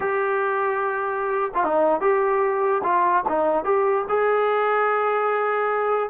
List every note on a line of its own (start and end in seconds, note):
0.00 1.51 G4
1.54 1.64 F4
1.64 2.00 D#4
2.00 2.82 G4
2.83 3.24 F4
3.28 3.64 D#4
3.64 4.05 G4
4.09 6.10 G#4